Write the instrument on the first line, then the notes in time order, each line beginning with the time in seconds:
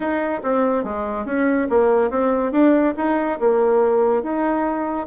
bassoon
0.00 D#4
0.43 C4
0.84 G#3
1.25 C#4
1.69 A#3
2.10 C4
2.51 D4
2.97 D#4
3.39 A#3
4.23 D#4